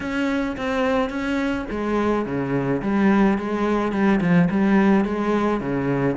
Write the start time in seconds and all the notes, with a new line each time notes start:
0.00 C#4
0.57 C4
1.09 C#4
1.70 G#3
2.25 C#3
2.81 G3
3.37 G#3
3.92 G3
4.21 F3
4.50 G3
5.04 G#3
5.60 C#3